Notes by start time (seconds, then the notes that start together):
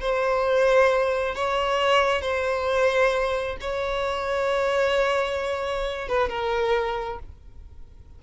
0.00 C5
1.35 C#5
2.21 C5
3.60 C#5
6.08 B4
6.28 A#4